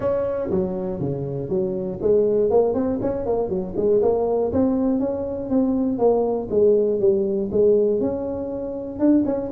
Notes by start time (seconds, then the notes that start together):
0.00 C#4
0.50 F#3
1.00 C#3
1.49 F#3
2.01 G#3
2.50 A#3
2.74 C4
3.01 C#4
3.26 A#3
3.49 F#3
3.76 G#3
4.02 A#3
4.52 C4
4.99 C#4
5.49 C4
5.98 A#3
6.50 G#3
7.00 G3
7.51 G#3
8.00 C#4
8.99 D4
9.25 C#4